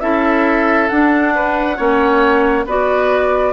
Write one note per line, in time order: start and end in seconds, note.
0.00 0.90 C#4
0.00 0.89 E4
0.00 1.34 A4
0.00 0.88 E5
0.88 1.76 D4
0.88 1.79 D4
0.88 2.65 F#5
1.35 1.77 B4
1.76 2.65 A#3
1.76 2.65 C#4
1.76 2.65 C#5
2.65 3.53 B3
2.65 3.53 F#4
2.65 3.53 B4
2.65 3.53 D5